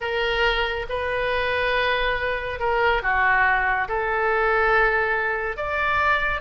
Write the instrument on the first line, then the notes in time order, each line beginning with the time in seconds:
oboe
0.00 A#4
0.89 B4
2.59 A#4
3.02 F#4
3.88 A4
5.56 D5